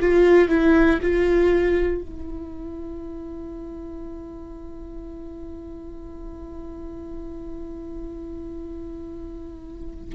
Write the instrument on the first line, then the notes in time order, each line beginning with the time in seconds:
viola
0.00 F4
0.49 E4
1.02 F4
2.02 E4